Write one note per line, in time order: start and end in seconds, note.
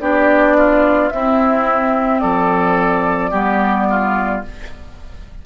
0.00 1.12 B3
0.00 1.12 D4
0.00 0.57 G4
0.00 1.09 D5
0.58 1.13 F4
1.09 3.32 C4
1.09 2.24 C4
1.09 2.22 E4
1.09 2.20 E5
2.20 3.32 F3
2.20 3.31 A4
2.20 4.42 D5
3.31 4.43 G3
3.31 4.43 B3
3.31 3.87 G4
3.91 4.46 F4